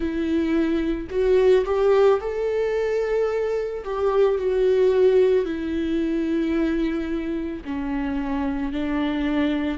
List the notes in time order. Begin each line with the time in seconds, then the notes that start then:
0.00 E4
1.10 F#4
1.65 G4
2.20 A4
3.84 G4
4.38 F#4
5.45 E4
7.64 C#4
8.72 D4